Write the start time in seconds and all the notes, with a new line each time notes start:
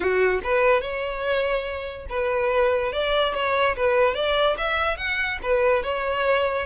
0.00 F#4
0.43 B4
0.81 C#5
2.09 B4
2.92 D5
3.34 C#5
3.76 B4
4.14 D5
4.57 E5
4.97 F#5
5.42 B4
5.83 C#5